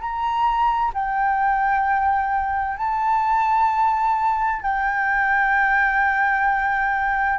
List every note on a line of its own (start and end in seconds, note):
0.00 0.92 A#5
0.94 2.77 G5
2.77 4.62 A5
4.62 7.39 G5